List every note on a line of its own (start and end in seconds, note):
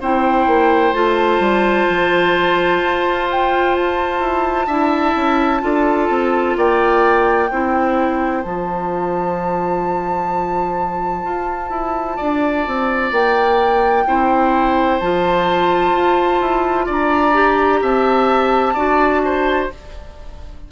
0.00 0.47 C4
0.00 0.94 E4
0.00 4.66 C5
0.00 0.93 G5
0.47 0.93 A#3
0.93 1.39 A3
0.93 4.69 F4
0.93 3.28 A5
1.39 1.86 G3
1.89 2.82 F3
2.82 4.20 F4
3.30 3.76 G5
3.76 6.57 A5
4.20 4.66 E4
4.66 5.13 D4
4.66 5.60 E4
4.66 5.60 E5
5.15 5.62 C#4
5.60 6.09 D4
5.60 7.48 F4
5.60 6.57 A4
6.09 6.56 C4
6.56 7.50 A#3
6.56 7.50 D5
6.56 8.43 G5
7.50 8.44 C4
7.50 8.43 E4
7.50 12.16 C5
8.43 11.24 F3
8.43 14.05 F4
8.43 13.12 A5
11.24 11.70 F4
11.70 12.17 E4
12.16 12.67 D4
12.16 14.04 D5
12.67 13.12 C4
13.12 14.05 A#3
13.12 15.00 G5
14.06 15.00 C4
14.06 15.01 E4
14.06 16.86 C5
15.00 15.92 F3
15.00 17.33 F4
15.00 16.87 A5
15.92 16.39 F4
16.40 16.87 E4
16.86 17.82 D4
16.86 17.79 D5
16.86 17.83 A#5
17.33 18.74 G4
17.82 18.75 C4
17.82 18.74 E5
17.82 19.70 A5
18.74 19.69 D4
18.74 19.70 F#4
18.74 19.21 D5
19.25 19.71 C5